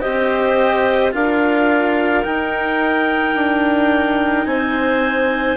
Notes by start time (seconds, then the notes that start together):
0.00 C4 G4 C5 D#5
1.12 D4 F4 A#4 F5
2.24 D#4 G5
3.35 D4
4.46 C4 C5 G#5